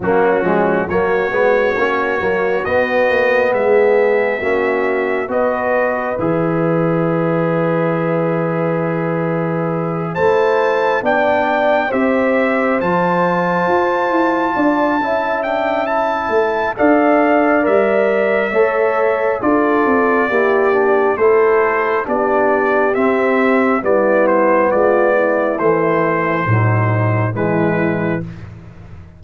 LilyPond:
<<
  \new Staff \with { instrumentName = "trumpet" } { \time 4/4 \tempo 4 = 68 fis'4 cis''2 dis''4 | e''2 dis''4 e''4~ | e''2.~ e''8 a''8~ | a''8 g''4 e''4 a''4.~ |
a''4. g''8 a''4 f''4 | e''2 d''2 | c''4 d''4 e''4 d''8 c''8 | d''4 c''2 b'4 | }
  \new Staff \with { instrumentName = "horn" } { \time 4/4 cis'4 fis'2. | gis'4 fis'4 b'2~ | b'2.~ b'8 c''8~ | c''8 d''4 c''2~ c''8~ |
c''8 d''8 e''2 d''4~ | d''4 cis''4 a'4 g'4 | a'4 g'2 e'4 | f'8 e'4. dis'4 e'4 | }
  \new Staff \with { instrumentName = "trombone" } { \time 4/4 ais8 gis8 ais8 b8 cis'8 ais8 b4~ | b4 cis'4 fis'4 gis'4~ | gis'2.~ gis'8 e'8~ | e'8 d'4 g'4 f'4.~ |
f'4 e'8 d'8 e'4 a'4 | ais'4 a'4 f'4 e'8 d'8 | e'4 d'4 c'4 b4~ | b4 e4 fis4 gis4 | }
  \new Staff \with { instrumentName = "tuba" } { \time 4/4 fis8 f8 fis8 gis8 ais8 fis8 b8 ais8 | gis4 ais4 b4 e4~ | e2.~ e8 a8~ | a8 b4 c'4 f4 f'8 |
e'8 d'8 cis'4. a8 d'4 | g4 a4 d'8 c'8 ais4 | a4 b4 c'4 g4 | gis4 a4 a,4 e4 | }
>>